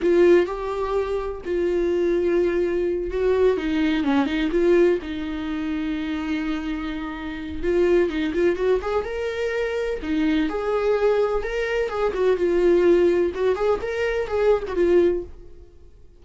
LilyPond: \new Staff \with { instrumentName = "viola" } { \time 4/4 \tempo 4 = 126 f'4 g'2 f'4~ | f'2~ f'8 fis'4 dis'8~ | dis'8 cis'8 dis'8 f'4 dis'4.~ | dis'1 |
f'4 dis'8 f'8 fis'8 gis'8 ais'4~ | ais'4 dis'4 gis'2 | ais'4 gis'8 fis'8 f'2 | fis'8 gis'8 ais'4 gis'8. fis'16 f'4 | }